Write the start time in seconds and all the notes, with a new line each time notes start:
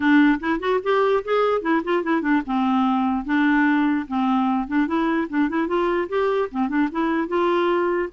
0.00 D4
0.40 E4
0.59 F#4
0.83 G4
1.24 G#4
1.61 E4
1.84 F4
2.03 E4
2.21 D4
2.45 C4
3.25 D4
4.07 C4
4.67 D4
4.87 E4
5.29 D4
5.49 E4
5.67 F4
6.08 G4
6.51 C4
6.68 D4
6.91 E4
7.28 F4